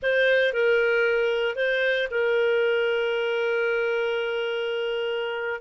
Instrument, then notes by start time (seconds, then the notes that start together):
clarinet
0.02 C5
0.53 A#4
1.55 C5
2.10 A#4